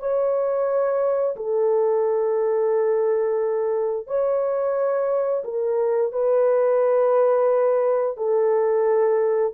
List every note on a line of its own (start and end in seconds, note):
0.00 1.36 C#5
1.37 4.08 A4
4.08 5.44 C#5
5.45 6.13 A#4
6.13 8.17 B4
8.18 9.54 A4